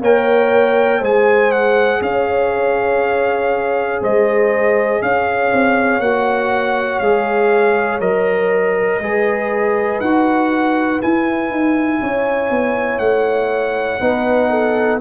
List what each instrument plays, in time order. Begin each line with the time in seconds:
0.00 tuba A#3, trombone A#4, horn C#5, trumpet G5
0.99 tuba G#3, trombone G#4, horn C5, trumpet G#5
1.51 trumpet F#5
2.01 tuba C#4, horn C#5, trumpet F5
4.01 tuba G#3, horn C5, trumpet D#5
5.01 tuba C#4, horn C#5, trumpet F5
5.52 tuba C4
5.99 tuba A#3, trombone F#4, trumpet F#5
6.99 tuba G#3, trombone G#4, trumpet F5
8.00 tuba F#3, trombone A#4, trumpet D#5
8.99 tuba G#3, trombone G#4, horn B4
10.00 tuba D#4, trombone F#4, trumpet F#5
11.00 trombone E4, tuba E4, trumpet G#5
11.50 tuba D#4
12.01 tuba C#4, horn C#5
12.50 tuba B3
12.98 tuba A3, trumpet F#5
14.00 tuba B3, trombone D#4, horn B4
14.49 horn A4